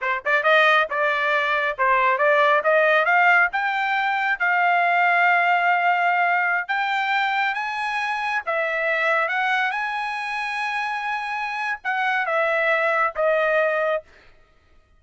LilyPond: \new Staff \with { instrumentName = "trumpet" } { \time 4/4 \tempo 4 = 137 c''8 d''8 dis''4 d''2 | c''4 d''4 dis''4 f''4 | g''2 f''2~ | f''2.~ f''16 g''8.~ |
g''4~ g''16 gis''2 e''8.~ | e''4~ e''16 fis''4 gis''4.~ gis''16~ | gis''2. fis''4 | e''2 dis''2 | }